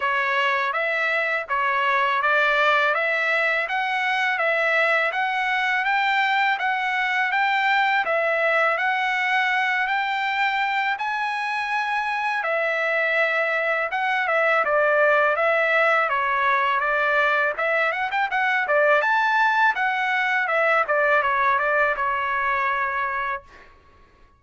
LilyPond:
\new Staff \with { instrumentName = "trumpet" } { \time 4/4 \tempo 4 = 82 cis''4 e''4 cis''4 d''4 | e''4 fis''4 e''4 fis''4 | g''4 fis''4 g''4 e''4 | fis''4. g''4. gis''4~ |
gis''4 e''2 fis''8 e''8 | d''4 e''4 cis''4 d''4 | e''8 fis''16 g''16 fis''8 d''8 a''4 fis''4 | e''8 d''8 cis''8 d''8 cis''2 | }